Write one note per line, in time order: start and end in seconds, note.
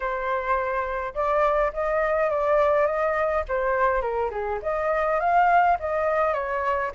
0.00 1.14 C5
1.14 1.72 D5
1.73 2.29 D#5
2.29 2.86 D5
2.86 3.44 D#5
3.48 4.01 C5
4.01 4.30 A#4
4.30 4.59 G#4
4.62 5.19 D#5
5.19 5.77 F5
5.79 6.33 D#5
6.33 6.91 C#5